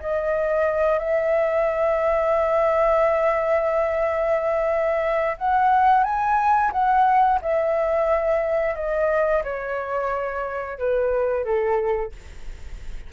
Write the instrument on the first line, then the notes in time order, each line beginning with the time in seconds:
flute
0.00 D#5
0.99 E5
5.38 F#5
6.04 G#5
6.72 F#5
7.42 E5
8.75 D#5
9.44 C#5
10.79 B4
11.45 A4